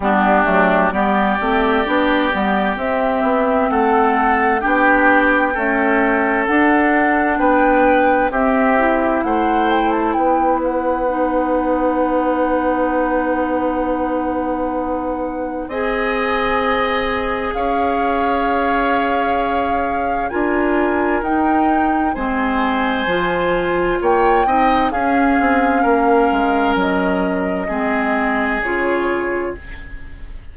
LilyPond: <<
  \new Staff \with { instrumentName = "flute" } { \time 4/4 \tempo 4 = 65 g'4 d''2 e''4 | fis''4 g''2 fis''4 | g''4 e''4 fis''8 g''16 a''16 g''8 fis''8~ | fis''1~ |
fis''4 gis''2 f''4~ | f''2 gis''4 g''4 | gis''2 g''4 f''4~ | f''4 dis''2 cis''4 | }
  \new Staff \with { instrumentName = "oboe" } { \time 4/4 d'4 g'2. | a'4 g'4 a'2 | b'4 g'4 c''4 b'4~ | b'1~ |
b'4 dis''2 cis''4~ | cis''2 ais'2 | c''2 cis''8 dis''8 gis'4 | ais'2 gis'2 | }
  \new Staff \with { instrumentName = "clarinet" } { \time 4/4 b8 a8 b8 c'8 d'8 b8 c'4~ | c'4 d'4 a4 d'4~ | d'4 c'8 e'2~ e'8 | dis'1~ |
dis'4 gis'2.~ | gis'2 f'4 dis'4 | c'4 f'4. dis'8 cis'4~ | cis'2 c'4 f'4 | }
  \new Staff \with { instrumentName = "bassoon" } { \time 4/4 g8 fis8 g8 a8 b8 g8 c'8 b8 | a4 b4 cis'4 d'4 | b4 c'4 a4 b4~ | b1~ |
b4 c'2 cis'4~ | cis'2 d'4 dis'4 | gis4 f4 ais8 c'8 cis'8 c'8 | ais8 gis8 fis4 gis4 cis4 | }
>>